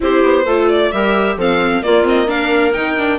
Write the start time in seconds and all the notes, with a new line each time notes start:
0.00 C4 E4 G4 C5
0.23 B3
0.44 A3 F4 A4
0.68 D5
0.91 G3 G4 A#4 E5
1.36 F3 C4 A4 F5
1.82 A#3 F4 D5
2.03 C4 D#5
2.26 D4 A#4 F5
2.73 D#3 D#4 G5
2.97 D4